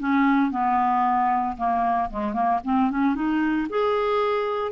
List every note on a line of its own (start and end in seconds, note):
0.00 0.51 C#4
0.51 1.56 B3
1.57 2.10 A#3
2.11 2.34 G#3
2.34 2.60 A#3
2.65 2.91 C4
2.91 3.15 C#4
3.15 3.68 D#4
3.70 4.72 G#4